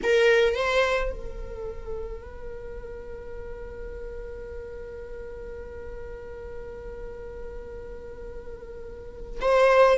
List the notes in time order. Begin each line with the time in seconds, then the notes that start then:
0.03 A#4
0.54 C5
1.11 A#4
9.41 C5